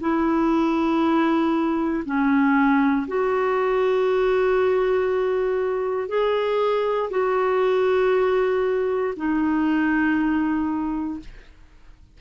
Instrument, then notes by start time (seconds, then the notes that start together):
clarinet
0.00 E4
2.05 C#4
3.07 F#4
6.08 G#4
7.10 F#4
9.16 D#4